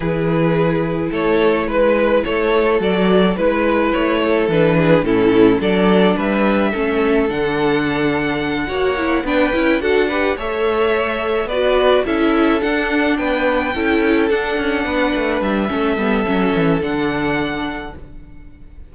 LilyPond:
<<
  \new Staff \with { instrumentName = "violin" } { \time 4/4 \tempo 4 = 107 b'2 cis''4 b'4 | cis''4 d''4 b'4 cis''4 | b'4 a'4 d''4 e''4~ | e''4 fis''2.~ |
fis''8 g''4 fis''4 e''4.~ | e''8 d''4 e''4 fis''4 g''8~ | g''4. fis''2 e''8~ | e''2 fis''2 | }
  \new Staff \with { instrumentName = "violin" } { \time 4/4 gis'2 a'4 b'4 | a'2 b'4. a'8~ | a'8 gis'8 e'4 a'4 b'4 | a'2.~ a'8 cis''8~ |
cis''8 b'4 a'8 b'8 cis''4.~ | cis''8 b'4 a'2 b'8~ | b'8 a'2 b'4. | a'1 | }
  \new Staff \with { instrumentName = "viola" } { \time 4/4 e'1~ | e'4 fis'4 e'2 | d'4 cis'4 d'2 | cis'4 d'2~ d'8 fis'8 |
e'8 d'8 e'8 fis'8 g'8 a'4.~ | a'8 fis'4 e'4 d'4.~ | d'8 e'4 d'2~ d'8 | cis'8 b8 cis'4 d'2 | }
  \new Staff \with { instrumentName = "cello" } { \time 4/4 e2 a4 gis4 | a4 fis4 gis4 a4 | e4 a,4 fis4 g4 | a4 d2~ d8 ais8~ |
ais8 b8 cis'8 d'4 a4.~ | a8 b4 cis'4 d'4 b8~ | b8 cis'4 d'8 cis'8 b8 a8 g8 | a8 g8 fis8 e8 d2 | }
>>